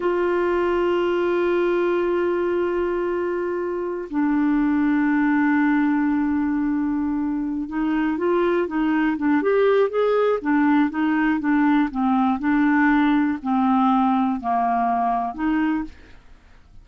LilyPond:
\new Staff \with { instrumentName = "clarinet" } { \time 4/4 \tempo 4 = 121 f'1~ | f'1~ | f'16 d'2.~ d'8.~ | d'2.~ d'8 dis'8~ |
dis'8 f'4 dis'4 d'8 g'4 | gis'4 d'4 dis'4 d'4 | c'4 d'2 c'4~ | c'4 ais2 dis'4 | }